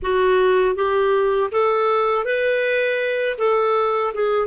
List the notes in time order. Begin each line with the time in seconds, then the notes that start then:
0.02 F#4
0.75 G4
1.51 A4
2.24 B4
3.38 A4
4.14 G#4